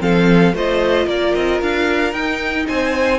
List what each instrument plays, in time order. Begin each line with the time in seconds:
0.00 cello F3, viola C4, violin A4 F5
0.54 cello A3, viola F4, violin C5 D#5
1.06 cello A#3, violin A#4 D5
1.35 cello C4, violin D#5
1.62 cello D4, violin F5
2.13 cello D#4, viola D#4, violin G5
2.68 cello C4, violin C5 G#5